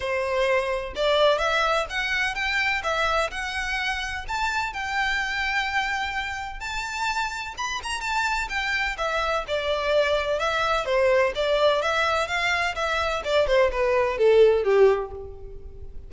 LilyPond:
\new Staff \with { instrumentName = "violin" } { \time 4/4 \tempo 4 = 127 c''2 d''4 e''4 | fis''4 g''4 e''4 fis''4~ | fis''4 a''4 g''2~ | g''2 a''2 |
b''8 ais''8 a''4 g''4 e''4 | d''2 e''4 c''4 | d''4 e''4 f''4 e''4 | d''8 c''8 b'4 a'4 g'4 | }